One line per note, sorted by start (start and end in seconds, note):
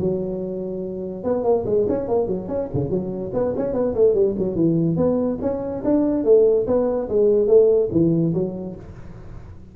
0.00 1.24 F#3
1.24 1.44 B3
1.44 1.65 A#3
1.66 1.87 G#3
1.89 2.09 C#4
2.09 2.28 A#3
2.28 2.48 F#3
2.48 2.69 C#4
2.74 2.90 C#3
2.90 3.32 F#3
3.34 3.54 B3
3.57 3.74 C#4
3.74 3.95 B3
3.95 4.15 A3
4.15 4.35 G3
4.39 4.56 F#3
4.56 4.97 E3
4.97 5.38 B3
5.42 5.83 C#4
5.85 6.25 D4
6.25 6.66 A3
6.67 7.09 B3
7.09 7.48 G#3
7.48 7.89 A3
7.92 8.34 E3
8.34 8.76 F#3